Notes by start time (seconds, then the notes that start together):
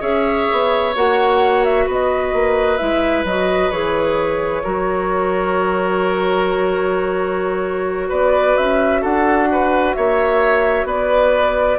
0.00 C#4 G#4 C#5 E5
0.52 B3
0.95 A#3 F#4 F#5
1.64 E5
1.86 B3 B4 D#5
2.33 A#3
2.77 G#3 E4 E5
3.24 F#3 F#4 D#5
3.71 E3 G#4 C#5
4.63 F#3 F#4 A#4
8.09 B3 B4 D5
8.57 C#4 E5
9.02 D4 A4 F#5
9.52 B4
9.94 A#3 C#5 E5
10.84 B3 B4 D5